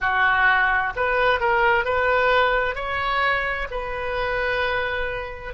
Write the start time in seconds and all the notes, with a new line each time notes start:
0.00 F#4
0.96 B4
1.39 A#4
1.85 B4
2.75 C#5
3.70 B4